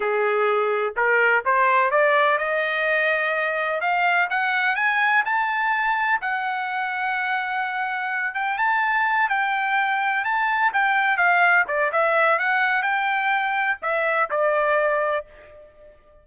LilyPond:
\new Staff \with { instrumentName = "trumpet" } { \time 4/4 \tempo 4 = 126 gis'2 ais'4 c''4 | d''4 dis''2. | f''4 fis''4 gis''4 a''4~ | a''4 fis''2.~ |
fis''4. g''8 a''4. g''8~ | g''4. a''4 g''4 f''8~ | f''8 d''8 e''4 fis''4 g''4~ | g''4 e''4 d''2 | }